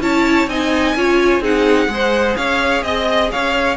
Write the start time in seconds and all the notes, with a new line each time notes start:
0.00 C#4 E4 C#5 A5
0.46 C4 D#4 D#5 G#5
0.95 C#4 F4 C#5
1.40 C4 D#4 G#4 F#5
1.88 G#3 G#4 C5
2.36 C#4 C#5 F5
2.83 C4 D#5
3.31 C#4 C#5 F5